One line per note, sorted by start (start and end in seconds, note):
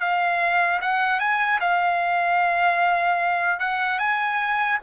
0.00 0.80 F5
0.81 1.20 F#5
1.20 1.60 G#5
1.60 3.60 F5
3.60 3.99 F#5
3.99 4.79 G#5